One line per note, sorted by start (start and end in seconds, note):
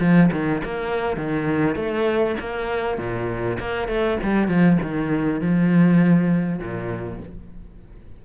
0.00 0.30 F3
0.32 0.62 D#3
0.64 1.17 A#3
1.17 1.76 D#3
1.76 2.36 A3
2.40 2.98 A#3
2.98 3.58 A#2
3.60 3.88 A#3
3.88 4.18 A3
4.23 4.48 G3
4.48 4.78 F3
4.82 5.41 D#3
5.41 6.59 F3
6.59 7.19 A#2